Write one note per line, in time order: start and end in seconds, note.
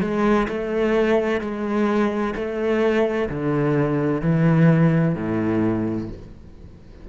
0.00 0.47 G#3
0.48 1.40 A3
1.40 2.34 G#3
2.35 3.29 A3
3.29 4.21 D3
4.21 5.14 E3
5.14 6.08 A2